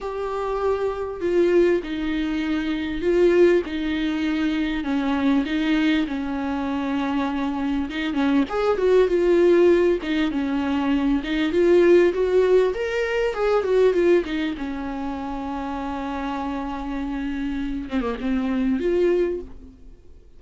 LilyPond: \new Staff \with { instrumentName = "viola" } { \time 4/4 \tempo 4 = 99 g'2 f'4 dis'4~ | dis'4 f'4 dis'2 | cis'4 dis'4 cis'2~ | cis'4 dis'8 cis'8 gis'8 fis'8 f'4~ |
f'8 dis'8 cis'4. dis'8 f'4 | fis'4 ais'4 gis'8 fis'8 f'8 dis'8 | cis'1~ | cis'4. c'16 ais16 c'4 f'4 | }